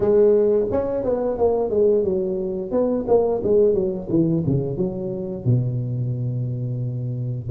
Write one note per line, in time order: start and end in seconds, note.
0.00 0.66 G#3
0.71 1.04 C#4
1.04 1.38 B3
1.38 1.70 A#3
1.70 2.03 G#3
2.03 2.71 F#3
2.71 3.05 B3
3.07 3.41 A#3
3.43 3.74 G#3
3.74 4.08 F#3
4.09 4.43 E3
4.46 4.77 C#3
4.77 5.44 F#3
5.44 7.49 B2